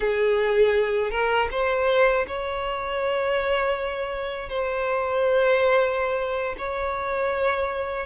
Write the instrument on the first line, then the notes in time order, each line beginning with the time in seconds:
violin
0.00 G#4
1.10 A#4
1.51 C5
2.27 C#5
4.49 C5
6.58 C#5